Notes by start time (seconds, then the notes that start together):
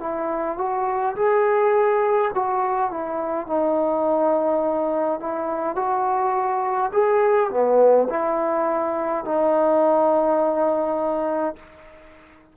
0.00 E4
0.57 F#4
1.15 G#4
2.34 F#4
2.91 E4
3.47 D#4
5.20 E4
5.75 F#4
6.93 G#4
7.50 B3
8.09 E4
9.24 D#4